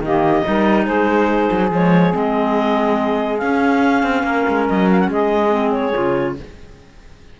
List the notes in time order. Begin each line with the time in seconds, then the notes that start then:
0.00 D#3 A#3 G4 D#5
0.43 G3 D#4 A#4
0.84 G#3 G#4 C5
1.51 F#3
1.71 F3 G#3 C#5
2.12 G#3 C4 D#5
3.38 C#4 F5
4.03 C4
4.23 A#3 A#4
4.48 G#3
4.69 F#3 D#5
4.91 F5
4.99 F#5
5.08 G#3 G#4 D#5
5.50 C4
5.71 C#5
5.93 C#3 F4